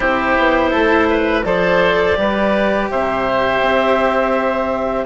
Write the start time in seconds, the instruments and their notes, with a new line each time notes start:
0.00 bassoon C4, cello E4, oboe G4, clarinet C5
0.37 bassoon B3
0.70 bassoon A3, oboe A4
1.09 oboe B4
1.44 bassoon F3, cello A4, oboe C5, clarinet D5
2.15 bassoon G3, cello G4, oboe B4
2.90 bassoon C3, oboe C5, clarinet E5
3.60 bassoon C4